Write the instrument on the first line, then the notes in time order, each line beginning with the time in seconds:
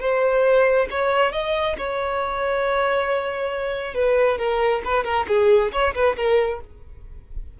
violin
0.00 C5
0.90 C#5
1.32 D#5
1.77 C#5
3.94 B4
4.38 A#4
4.84 B4
5.04 A#4
5.28 G#4
5.72 C#5
5.94 B4
6.16 A#4